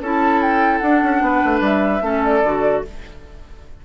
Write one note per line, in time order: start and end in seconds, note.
0.00 0.81 C#4
0.00 0.84 E4
0.00 1.22 A4
0.00 0.42 A5
0.42 0.78 G5
0.78 1.02 D4
0.78 1.58 F#5
0.85 2.02 D4
1.02 1.21 C#4
1.21 1.41 B3
1.21 2.03 B4
1.44 1.60 A3
1.60 2.00 G3
1.60 2.24 E5
2.01 2.41 A3
2.01 2.42 C#4
2.01 2.84 A4
2.24 2.84 D5
2.43 2.83 D3
2.43 2.85 F#4